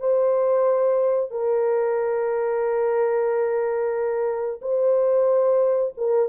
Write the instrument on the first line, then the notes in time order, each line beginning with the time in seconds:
horn
0.00 C5
1.31 A#4
4.62 C5
5.98 A#4